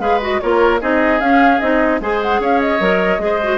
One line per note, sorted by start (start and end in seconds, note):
0.00 0.40 G#3
0.00 0.21 G#4
0.00 0.41 B4
0.00 0.21 F5
0.21 0.41 F#4
0.21 0.41 D#5
0.41 0.82 A#3
0.41 0.81 F4
0.41 0.81 A#4
0.41 0.81 C#5
0.81 1.21 C4
0.81 1.21 D#4
0.81 2.01 G#4
0.81 1.21 D#5
1.21 1.61 C#4
1.21 1.60 F5
1.60 2.01 C4
1.60 2.01 D#4
1.60 2.00 D#5
2.01 2.40 G#3
2.01 2.80 G#4
2.01 2.41 C5
2.01 2.22 G#5
2.22 2.42 F#5
2.40 2.80 C#4
2.40 3.21 C#5
2.40 2.61 F5
2.61 3.58 D#5
2.80 3.19 F#3
2.80 3.20 A#4
3.19 3.58 G#3
3.19 3.40 G#4
3.26 3.58 C5
3.43 3.58 F#4